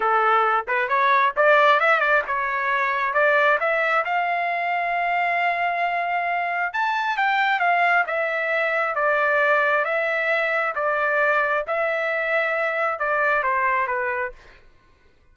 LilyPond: \new Staff \with { instrumentName = "trumpet" } { \time 4/4 \tempo 4 = 134 a'4. b'8 cis''4 d''4 | e''8 d''8 cis''2 d''4 | e''4 f''2.~ | f''2. a''4 |
g''4 f''4 e''2 | d''2 e''2 | d''2 e''2~ | e''4 d''4 c''4 b'4 | }